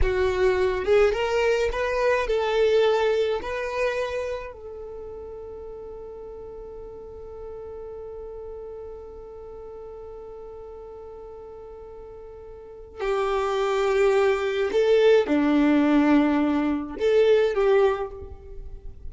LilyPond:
\new Staff \with { instrumentName = "violin" } { \time 4/4 \tempo 4 = 106 fis'4. gis'8 ais'4 b'4 | a'2 b'2 | a'1~ | a'1~ |
a'1~ | a'2. g'4~ | g'2 a'4 d'4~ | d'2 a'4 g'4 | }